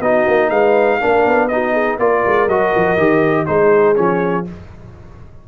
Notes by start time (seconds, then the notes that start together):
0.00 B3 D#4 F#4 D#5
0.28 A#3
0.50 G#3 B4 F5
0.99 A#3 D4 A#4
1.25 B3
1.48 D#4 F#4 D#5
1.73 G#4
1.99 A#3 F4 A#4 D5
2.26 G#3
2.48 F#3 F#4 D#5
2.75 F3
2.97 D#3 G4
3.46 G#3 D#4 G#4 C5
3.95 F3 C#4 C#5